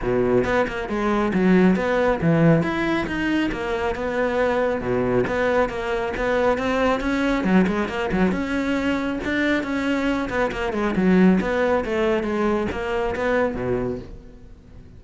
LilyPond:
\new Staff \with { instrumentName = "cello" } { \time 4/4 \tempo 4 = 137 b,4 b8 ais8 gis4 fis4 | b4 e4 e'4 dis'4 | ais4 b2 b,4 | b4 ais4 b4 c'4 |
cis'4 fis8 gis8 ais8 fis8 cis'4~ | cis'4 d'4 cis'4. b8 | ais8 gis8 fis4 b4 a4 | gis4 ais4 b4 b,4 | }